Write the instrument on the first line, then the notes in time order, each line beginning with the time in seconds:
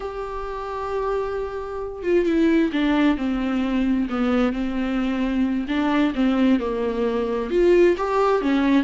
viola
0.00 G4
2.03 F4
2.25 E4
2.72 D4
3.17 C4
4.09 B3
4.52 C4
5.67 D4
6.14 C4
6.59 A#3
7.50 F4
7.97 G4
8.41 C#4